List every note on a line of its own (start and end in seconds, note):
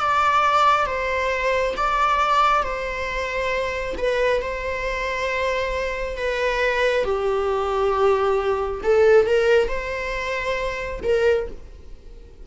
0.00 0.86 D5
0.86 1.74 C5
1.76 2.63 D5
2.63 3.95 C5
3.97 4.42 B4
4.42 6.17 C5
6.17 7.05 B4
7.05 8.81 G4
8.83 9.26 A4
9.26 9.68 A#4
9.68 11.00 C5
11.03 11.47 A#4